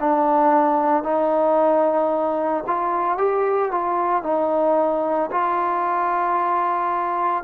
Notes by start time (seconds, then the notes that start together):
0.00 D4
1.03 D#4
2.67 F4
3.18 G4
3.72 F4
4.23 D#4
5.31 F4